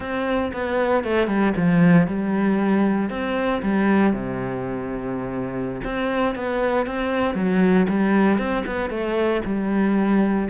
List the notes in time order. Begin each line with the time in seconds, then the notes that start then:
0.00 C4
0.53 B3
1.03 A3
1.27 G3
1.56 F3
2.07 G3
3.09 C4
3.62 G3
4.13 C3
5.84 C4
6.35 B3
6.86 C4
7.34 F#3
7.89 G3
8.38 C4
8.66 B3
8.89 A3
9.45 G3